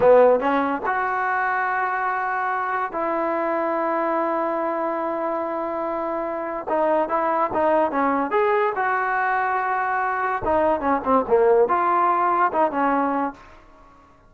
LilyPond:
\new Staff \with { instrumentName = "trombone" } { \time 4/4 \tempo 4 = 144 b4 cis'4 fis'2~ | fis'2. e'4~ | e'1~ | e'1 |
dis'4 e'4 dis'4 cis'4 | gis'4 fis'2.~ | fis'4 dis'4 cis'8 c'8 ais4 | f'2 dis'8 cis'4. | }